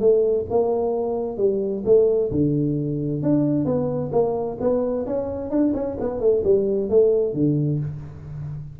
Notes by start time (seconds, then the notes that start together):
0.00 A3
0.50 A#3
1.37 G3
1.85 A3
2.32 D3
3.22 D4
3.65 B3
4.12 A#3
4.60 B3
5.06 C#4
5.50 D4
5.74 C#4
6.00 B3
6.20 A3
6.44 G3
6.90 A3
7.33 D3